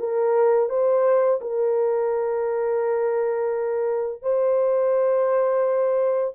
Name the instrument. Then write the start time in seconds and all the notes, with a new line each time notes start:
horn
0.00 A#4
0.70 C5
1.41 A#4
4.23 C5